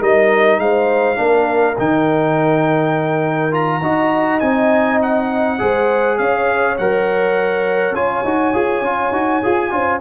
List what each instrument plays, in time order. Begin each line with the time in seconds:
0.00 tuba G3, trombone D#4, horn A#4, trumpet D#5
0.58 tuba G#3, horn C5, trumpet F5
1.15 tuba A#3, trombone D4, horn A#4
1.78 tuba D#3, trombone D#4, trumpet G5
3.51 trombone F4, trumpet A#5
3.82 tuba D#4, trombone F#4, horn D#5
4.40 tuba C4, trombone D#4, trumpet G#5
5.02 trumpet F#5
5.59 tuba G#3, trombone G#4, horn C5
6.18 tuba C#4, horn C#5, trumpet F5
6.78 tuba F#3, trombone A#4, trumpet F#5
7.91 tuba C#4, trombone F4, trumpet G#5
8.24 tuba D#4, trombone F#4
8.54 tuba F4, trombone G#4
8.81 tuba C#4, trombone F4
9.12 tuba D#4, trombone F#4
9.43 tuba F4, trombone G#4
9.70 tuba C#4, trombone F4, horn C5